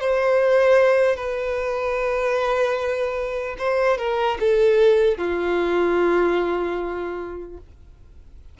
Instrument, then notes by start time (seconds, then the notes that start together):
violin
0.00 C5
1.16 B4
3.58 C5
3.98 A#4
4.40 A4
5.18 F4